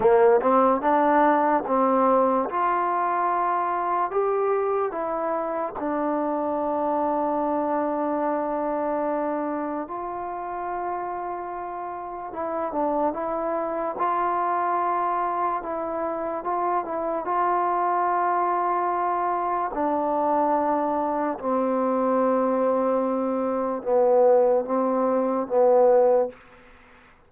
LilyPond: \new Staff \with { instrumentName = "trombone" } { \time 4/4 \tempo 4 = 73 ais8 c'8 d'4 c'4 f'4~ | f'4 g'4 e'4 d'4~ | d'1 | f'2. e'8 d'8 |
e'4 f'2 e'4 | f'8 e'8 f'2. | d'2 c'2~ | c'4 b4 c'4 b4 | }